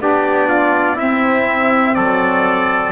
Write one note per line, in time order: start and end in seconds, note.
0.00 0.98 B3
0.00 0.97 D4
0.00 0.48 G4
0.00 0.99 D5
0.48 0.96 F4
0.96 2.92 C4
0.96 1.97 C4
0.96 1.94 E4
0.96 1.95 E5
1.95 2.92 F#3
1.95 2.92 A4
1.95 2.92 D5